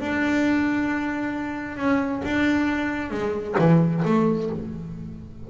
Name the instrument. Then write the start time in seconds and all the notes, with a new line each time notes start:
double bass
0.00 D4
1.77 C#4
2.24 D4
3.10 G#3
3.58 E3
4.05 A3